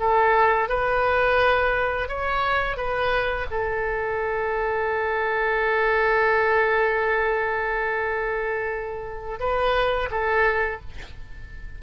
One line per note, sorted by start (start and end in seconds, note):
0.00 0.69 A4
0.69 2.09 B4
2.09 2.77 C#5
2.77 3.47 B4
3.51 9.40 A4
9.40 10.10 B4
10.11 10.81 A4